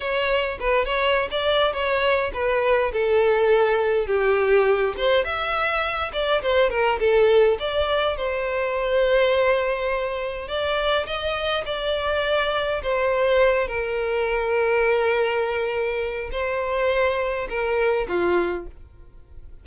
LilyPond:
\new Staff \with { instrumentName = "violin" } { \time 4/4 \tempo 4 = 103 cis''4 b'8 cis''8. d''8. cis''4 | b'4 a'2 g'4~ | g'8 c''8 e''4. d''8 c''8 ais'8 | a'4 d''4 c''2~ |
c''2 d''4 dis''4 | d''2 c''4. ais'8~ | ais'1 | c''2 ais'4 f'4 | }